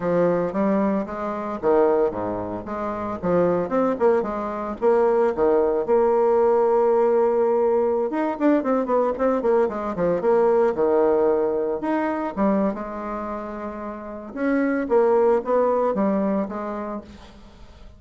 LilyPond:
\new Staff \with { instrumentName = "bassoon" } { \time 4/4 \tempo 4 = 113 f4 g4 gis4 dis4 | gis,4 gis4 f4 c'8 ais8 | gis4 ais4 dis4 ais4~ | ais2.~ ais16 dis'8 d'16~ |
d'16 c'8 b8 c'8 ais8 gis8 f8 ais8.~ | ais16 dis2 dis'4 g8. | gis2. cis'4 | ais4 b4 g4 gis4 | }